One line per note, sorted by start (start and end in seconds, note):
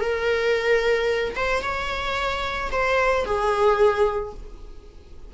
0.00 1.35 A#4
1.35 1.62 C5
1.62 2.70 C#5
2.71 3.25 C5
3.25 4.33 G#4